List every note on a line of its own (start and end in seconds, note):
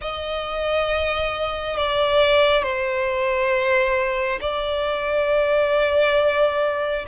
0.01 1.76 D#5
1.76 2.62 D5
2.62 4.39 C5
4.40 7.05 D5